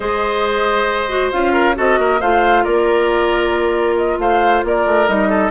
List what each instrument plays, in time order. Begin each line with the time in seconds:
0.00 bassoon G#3, clarinet G#4, oboe C5, flute D#5
1.09 clarinet F#4
1.31 bassoon C#4, clarinet F4, flute F5
1.53 oboe A#4
1.75 bassoon C4, clarinet F#4, oboe A4, flute D#5
1.98 bassoon A#3, oboe A#4
2.20 bassoon A3, clarinet F4, oboe C5, flute F5
2.63 bassoon A#3, oboe A#4, flute D5
3.96 flute D#5
4.18 bassoon A3, oboe C5, flute F5
4.64 bassoon A#3, oboe A#4, flute D5
4.85 bassoon A3
5.08 bassoon G3, clarinet D#4, flute D#5
5.29 oboe A4